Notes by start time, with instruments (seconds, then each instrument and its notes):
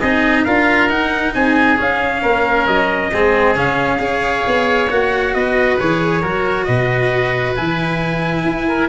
0.00 tuba C4, cello D#4, oboe G#4, trumpet D#5
0.45 tuba D4, cello F4, oboe A#4, trumpet F5
0.89 cello D#4, tuba D#4, trumpet F#5
1.34 tuba C4, oboe G#4, trumpet G#5
1.77 cello C#4, tuba C#4, trumpet F5
2.22 tuba A#3, oboe A#4
2.67 tuba F#3, trumpet D#5
3.13 tuba G#3, cello C4, oboe G#4
3.56 tuba C#3, cello C#4, trumpet F5
3.99 tuba C#4, cello G#4, oboe C#5
4.47 tuba B3
4.90 tuba A#3, cello F#4, trumpet F#5
5.34 tuba B3, oboe B4, trumpet D#5
5.79 tuba E3, cello G#4, trumpet C#5
6.21 tuba F#3, cello F#4, oboe A#4
6.65 tuba B2, oboe B4, trumpet D#5
7.56 tuba E3, cello E4, trumpet G#5
8.45 tuba E4
8.68 oboe A#4